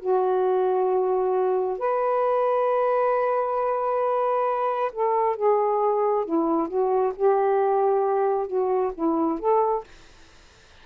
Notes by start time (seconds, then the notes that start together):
0.00 F#4
1.78 B4
4.93 A4
5.36 G#4
6.26 E4
6.68 F#4
7.16 G4
8.47 F#4
8.95 E4
9.39 A4